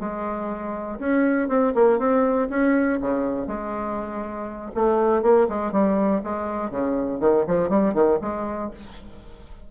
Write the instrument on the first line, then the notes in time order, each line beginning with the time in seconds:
bassoon
0.00 G#3
0.99 C#4
1.49 C4
1.75 A#3
1.99 C4
2.50 C#4
3.01 C#3
3.47 G#3
4.75 A3
5.22 A#3
5.49 G#3
5.72 G3
6.24 G#3
6.71 C#3
7.20 D#3
7.47 F3
7.69 G3
7.94 D#3
8.21 G#3